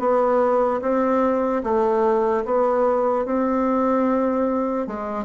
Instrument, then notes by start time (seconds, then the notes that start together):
bassoon
0.00 B3
0.82 C4
1.64 A3
2.45 B3
3.26 C4
4.87 G#3